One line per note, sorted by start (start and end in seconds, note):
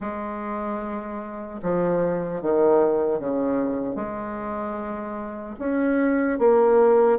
0.00 1.60 G#3
1.62 2.41 F3
2.41 3.19 D#3
3.19 3.95 C#3
3.95 5.55 G#3
5.59 6.38 C#4
6.38 7.18 A#3